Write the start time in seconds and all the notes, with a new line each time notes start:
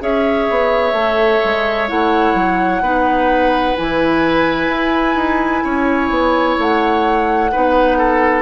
0.00 C#4 G#4 C#5 E5
0.50 B3
0.93 A3 A4
1.45 G#3
1.89 A3 E4 F#5
2.35 F#3
2.81 B3 D#4 B4
3.77 E3 E4 G#5
4.69 E4
5.15 D#4
5.64 C#4 C#5
6.10 B3
6.59 A3 F#5
7.52 B3 D#4 B4
7.98 A4